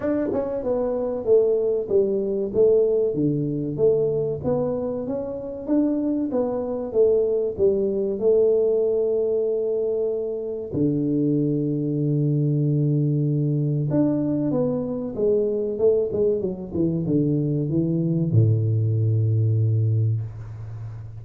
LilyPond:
\new Staff \with { instrumentName = "tuba" } { \time 4/4 \tempo 4 = 95 d'8 cis'8 b4 a4 g4 | a4 d4 a4 b4 | cis'4 d'4 b4 a4 | g4 a2.~ |
a4 d2.~ | d2 d'4 b4 | gis4 a8 gis8 fis8 e8 d4 | e4 a,2. | }